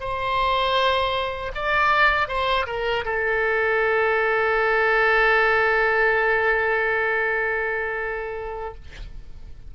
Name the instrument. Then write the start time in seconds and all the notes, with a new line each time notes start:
oboe
0.00 C5
1.55 D5
2.28 C5
2.66 A#4
3.05 A4